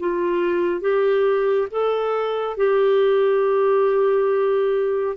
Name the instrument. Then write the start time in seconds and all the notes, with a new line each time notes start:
clarinet
0.00 F4
0.81 G4
1.71 A4
2.57 G4